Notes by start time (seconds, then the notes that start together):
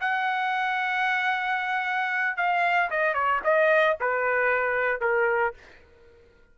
0.00 F#5
2.37 F5
2.90 D#5
3.14 C#5
3.44 D#5
4.00 B4
5.01 A#4